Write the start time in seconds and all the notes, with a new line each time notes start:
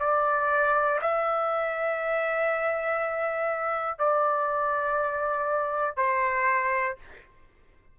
0.00 D5
1.01 E5
3.99 D5
5.97 C5